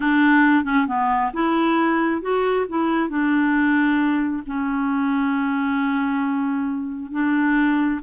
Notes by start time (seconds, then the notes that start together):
0.00 D4
0.64 C#4
0.87 B3
1.33 E4
2.21 F#4
2.68 E4
3.09 D4
4.46 C#4
7.11 D4